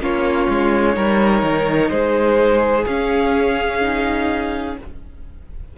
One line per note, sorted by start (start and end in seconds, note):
0.00 0.48 A#3
0.00 0.93 C#4
0.00 0.96 F4
0.00 1.90 C#5
0.48 0.96 G#3
0.93 1.43 G3
0.93 2.84 D#4
0.93 1.91 A#4
1.43 1.90 D#3
1.90 2.85 G#3
1.90 4.77 G#4
1.90 2.85 C5
2.86 4.78 C#4
2.86 3.82 C#4
2.86 4.77 F5
3.82 4.77 D#4